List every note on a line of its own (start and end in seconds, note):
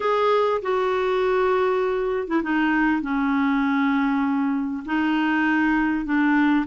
0.00 0.61 G#4
0.61 2.27 F#4
2.27 2.42 E4
2.42 3.01 D#4
3.01 4.83 C#4
4.85 6.05 D#4
6.05 6.65 D4